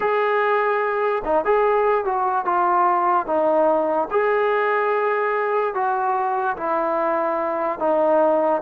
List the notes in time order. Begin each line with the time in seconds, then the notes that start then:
0.00 G#4
1.24 D#4
1.44 G#4
2.04 F#4
2.45 F4
3.26 D#4
4.11 G#4
5.74 F#4
6.56 E4
7.79 D#4